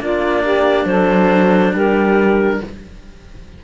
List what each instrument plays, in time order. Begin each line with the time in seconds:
0.00 cello A#3 D4, saxophone F4, clarinet D5
0.43 saxophone G4
0.86 cello F#3, saxophone A4, clarinet C5
1.73 cello G3, saxophone G4, clarinet A#4